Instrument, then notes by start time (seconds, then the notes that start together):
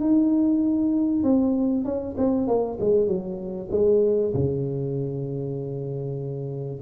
tuba
0.00 D#4
1.23 C4
1.84 C#4
2.17 C4
2.47 A#3
2.80 G#3
3.07 F#3
3.71 G#3
4.33 C#3